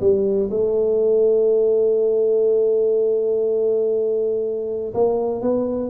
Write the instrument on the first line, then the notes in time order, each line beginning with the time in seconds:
tuba
0.00 G3
0.51 A3
4.94 A#3
5.41 B3